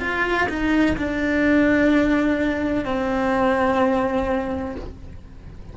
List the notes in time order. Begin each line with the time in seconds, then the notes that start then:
0.00 F4
0.49 D#4
0.97 D4
2.85 C4